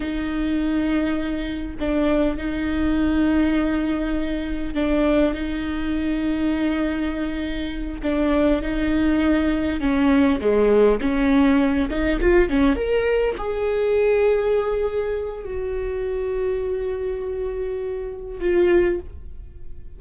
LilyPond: \new Staff \with { instrumentName = "viola" } { \time 4/4 \tempo 4 = 101 dis'2. d'4 | dis'1 | d'4 dis'2.~ | dis'4. d'4 dis'4.~ |
dis'8 cis'4 gis4 cis'4. | dis'8 f'8 cis'8 ais'4 gis'4.~ | gis'2 fis'2~ | fis'2. f'4 | }